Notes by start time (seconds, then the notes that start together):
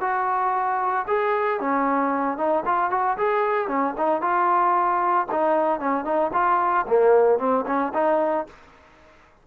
0.00 F#4
1.07 G#4
1.60 C#4
2.37 D#4
2.65 F4
2.90 F#4
3.17 G#4
3.68 C#4
3.97 D#4
4.21 F4
5.31 D#4
5.79 C#4
6.04 D#4
6.33 F4
6.87 A#3
7.38 C4
7.66 C#4
7.94 D#4